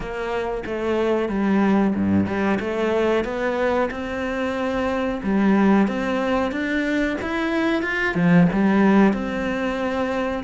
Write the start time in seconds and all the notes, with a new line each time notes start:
0.00 A#3
0.66 A3
1.29 G3
1.95 G2
2.26 G3
2.60 A3
3.24 B3
3.90 C4
5.23 G3
5.87 C4
6.51 D4
7.21 E4
7.82 F4
8.15 F3
8.53 G3
9.13 C4